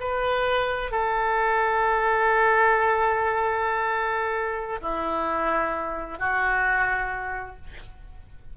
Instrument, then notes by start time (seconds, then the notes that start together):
oboe
0.00 B4
0.91 A4
4.81 E4
6.19 F#4